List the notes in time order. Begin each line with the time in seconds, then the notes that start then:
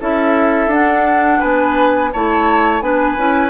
0.00 C#4 E4 A4 E5
0.67 D4 F#5
1.39 B3 B4 G#5
2.12 A3 E4 C#5 A5
2.81 B3 D4 B4 G#5
3.17 C#4 E4